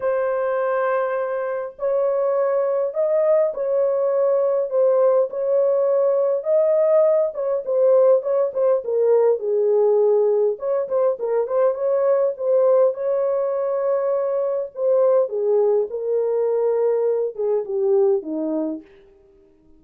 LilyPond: \new Staff \with { instrumentName = "horn" } { \time 4/4 \tempo 4 = 102 c''2. cis''4~ | cis''4 dis''4 cis''2 | c''4 cis''2 dis''4~ | dis''8 cis''8 c''4 cis''8 c''8 ais'4 |
gis'2 cis''8 c''8 ais'8 c''8 | cis''4 c''4 cis''2~ | cis''4 c''4 gis'4 ais'4~ | ais'4. gis'8 g'4 dis'4 | }